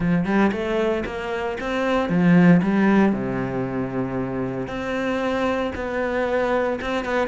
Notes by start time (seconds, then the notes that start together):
0.00 F3
0.25 G3
0.51 A3
1.05 A#3
1.60 C4
2.09 F3
2.62 G3
3.12 C3
4.67 C4
5.75 B3
6.81 C4
7.04 B3